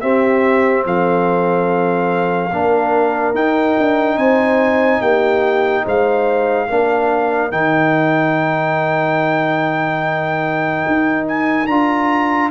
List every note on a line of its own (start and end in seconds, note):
0.00 2.50 C4
0.00 0.85 C4
0.00 0.85 G4
0.00 0.83 E5
0.85 2.52 F3
0.85 2.52 A4
0.85 3.35 F5
2.52 3.34 A#3
2.52 3.34 D4
2.52 4.16 A#4
3.34 6.67 D#4
3.34 3.76 D#4
3.34 4.18 G5
3.78 4.17 D4
4.16 5.00 C4
4.16 5.00 C5
4.16 5.01 G#5
5.01 5.84 A#3
5.01 5.84 G4
5.01 5.85 G5
5.85 6.69 G#3
5.85 6.67 C5
5.85 7.52 F5
6.67 7.52 A#3
6.67 7.51 D4
6.67 12.50 A#4
7.51 10.85 D#3
7.51 11.68 D#4
7.51 11.27 G5
10.87 11.67 D#4
11.28 11.66 G#5
11.66 12.50 D4
11.66 12.50 F4
11.66 12.50 A#5